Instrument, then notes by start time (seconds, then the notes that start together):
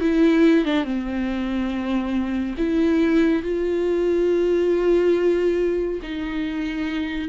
viola
0.00 E4
0.64 D4
0.84 C4
2.57 E4
3.42 F4
6.02 D#4